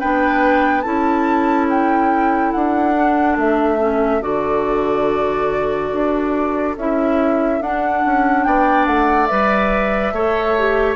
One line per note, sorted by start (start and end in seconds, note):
0.00 0.85 B3
0.00 0.84 D4
0.00 0.84 B4
0.00 0.81 G5
0.81 2.54 C#4
0.81 2.95 E4
0.81 8.44 A4
0.81 1.66 A5
1.70 2.52 G5
2.52 3.38 D4
2.52 3.36 F#5
2.95 3.79 D4
3.38 4.22 A3
3.38 4.23 E5
3.79 4.21 C#4
4.21 5.91 D3
4.21 6.75 F#4
4.21 6.76 D5
5.93 6.77 D4
6.77 7.61 C#4
6.77 7.62 E4
6.77 7.62 E5
7.61 8.03 D4
7.61 9.29 D4
7.61 8.44 F#5
8.06 8.46 C#4
8.44 8.87 B3
8.44 10.14 D5
8.44 8.86 G5
8.87 9.29 A3
8.87 9.26 F#5
9.26 10.12 G3
9.26 10.14 B4
9.26 10.95 E5
10.12 10.96 A3
10.12 10.57 A4
10.12 10.96 C#5
10.58 10.96 G4